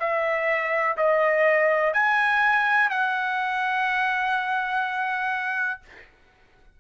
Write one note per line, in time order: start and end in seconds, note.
0.00 0.97 E5
0.97 1.94 D#5
1.94 2.90 G#5
2.90 5.81 F#5